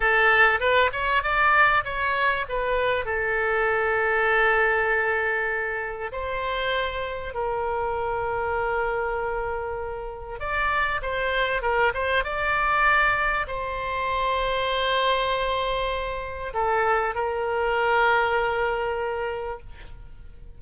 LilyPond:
\new Staff \with { instrumentName = "oboe" } { \time 4/4 \tempo 4 = 98 a'4 b'8 cis''8 d''4 cis''4 | b'4 a'2.~ | a'2 c''2 | ais'1~ |
ais'4 d''4 c''4 ais'8 c''8 | d''2 c''2~ | c''2. a'4 | ais'1 | }